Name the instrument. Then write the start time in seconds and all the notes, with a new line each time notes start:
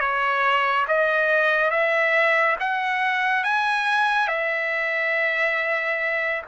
trumpet
0.00 C#5
0.88 D#5
1.71 E5
2.60 F#5
3.44 G#5
4.28 E5